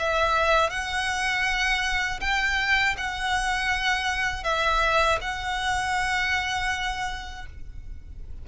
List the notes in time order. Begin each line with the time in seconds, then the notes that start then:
0.00 E5
0.71 F#5
2.21 G5
2.98 F#5
4.44 E5
5.22 F#5